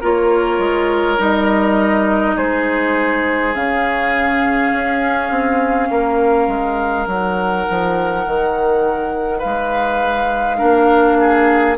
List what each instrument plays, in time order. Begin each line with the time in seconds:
0.00 bassoon A#3, clarinet F4, oboe A#4, flute C#5
0.58 bassoon G#3
1.17 bassoon G3, clarinet D#4, flute D#5
2.35 bassoon G#3, oboe G#4, flute C5
3.54 bassoon C#3, clarinet C#4, flute F5
4.72 bassoon C#4
5.30 bassoon C4
5.90 bassoon A#3, oboe A#4
6.47 bassoon G#3
7.06 bassoon F#3, clarinet D#4, flute F#5
7.69 bassoon F3
8.25 bassoon D#3
9.38 bassoon G#3, oboe B4, flute F5
10.57 bassoon A#3, clarinet D4, oboe A#4
11.20 oboe G#4